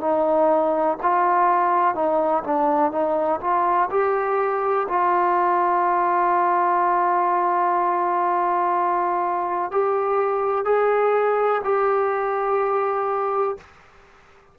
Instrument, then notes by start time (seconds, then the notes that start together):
trombone
0.00 D#4
1.02 F4
1.94 D#4
2.43 D4
2.92 D#4
3.40 F4
3.90 G4
4.88 F4
9.71 G4
10.65 G#4
11.63 G4